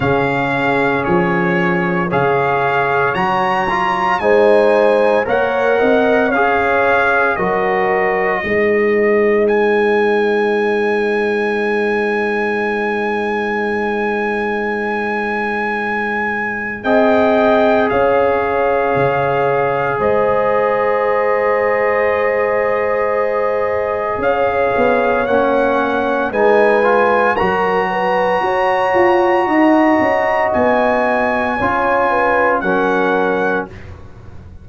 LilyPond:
<<
  \new Staff \with { instrumentName = "trumpet" } { \time 4/4 \tempo 4 = 57 f''4 cis''4 f''4 ais''4 | gis''4 fis''4 f''4 dis''4~ | dis''4 gis''2.~ | gis''1 |
g''4 f''2 dis''4~ | dis''2. f''4 | fis''4 gis''4 ais''2~ | ais''4 gis''2 fis''4 | }
  \new Staff \with { instrumentName = "horn" } { \time 4/4 gis'2 cis''2 | c''4 cis''8 dis''8 cis''4 ais'4 | c''1~ | c''1 |
dis''4 cis''2 c''4~ | c''2. cis''4~ | cis''4 b'4 ais'8 b'8 cis''4 | dis''2 cis''8 b'8 ais'4 | }
  \new Staff \with { instrumentName = "trombone" } { \time 4/4 cis'2 gis'4 fis'8 f'8 | dis'4 ais'4 gis'4 fis'4 | dis'1~ | dis'1 |
gis'1~ | gis'1 | cis'4 dis'8 f'8 fis'2~ | fis'2 f'4 cis'4 | }
  \new Staff \with { instrumentName = "tuba" } { \time 4/4 cis4 f4 cis4 fis4 | gis4 ais8 c'8 cis'4 fis4 | gis1~ | gis1 |
c'4 cis'4 cis4 gis4~ | gis2. cis'8 b8 | ais4 gis4 fis4 fis'8 f'8 | dis'8 cis'8 b4 cis'4 fis4 | }
>>